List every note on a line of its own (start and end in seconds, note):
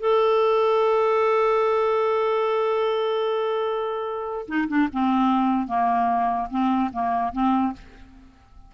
0.00 4.46 A4
4.48 4.68 D#4
4.69 4.89 D4
4.93 5.67 C4
5.67 6.48 A#3
6.51 6.91 C4
6.93 7.33 A#3
7.33 7.73 C4